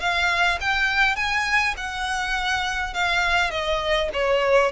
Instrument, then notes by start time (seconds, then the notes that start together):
violin
0.00 F5
0.61 G5
1.16 G#5
1.78 F#5
2.94 F5
3.51 D#5
4.14 C#5